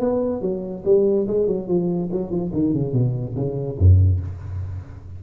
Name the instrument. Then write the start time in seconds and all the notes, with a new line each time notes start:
tuba
0.00 B3
0.41 F#3
0.85 G3
1.27 G#3
1.47 F#3
1.68 F3
2.12 F#3
2.31 F3
2.53 D#3
2.74 C#3
2.93 B2
3.36 C#3
3.78 F#2